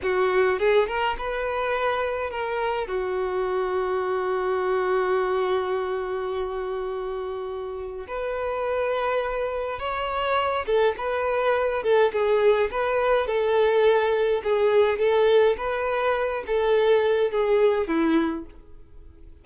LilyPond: \new Staff \with { instrumentName = "violin" } { \time 4/4 \tempo 4 = 104 fis'4 gis'8 ais'8 b'2 | ais'4 fis'2.~ | fis'1~ | fis'2 b'2~ |
b'4 cis''4. a'8 b'4~ | b'8 a'8 gis'4 b'4 a'4~ | a'4 gis'4 a'4 b'4~ | b'8 a'4. gis'4 e'4 | }